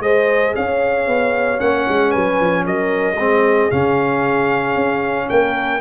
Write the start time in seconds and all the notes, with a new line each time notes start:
0.00 G#3 G#4 C5 D#5
0.56 C#4 C#5 F5
1.07 B3
1.59 A#3 C#4 F#5
1.89 G#3
2.10 F#3 B4 G#5
2.41 F3
2.65 F#3 A#4 D#5
3.16 G#3 C4 G#4
3.71 C#3 C#4 F5
4.76 C#4
5.29 A#3 A#4 G5